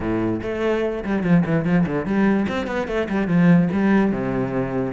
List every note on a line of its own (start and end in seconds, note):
0.00 0.40 A2
0.42 1.04 A3
1.04 1.23 G3
1.23 1.43 F3
1.45 1.65 E3
1.65 1.85 F3
1.86 2.05 D3
2.05 2.46 G3
2.48 2.67 C4
2.67 2.87 B3
2.87 3.08 A3
3.09 3.27 G3
3.27 3.68 F3
3.72 4.12 G3
4.12 4.92 C3